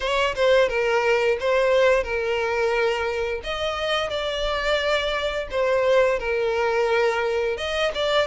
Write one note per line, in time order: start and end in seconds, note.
0.00 0.34 C#5
0.35 0.68 C5
0.68 1.37 A#4
1.40 2.03 C5
2.03 3.41 A#4
3.43 4.10 D#5
4.10 5.48 D5
5.50 6.19 C5
6.19 7.57 A#4
7.57 7.91 D#5
7.94 8.27 D5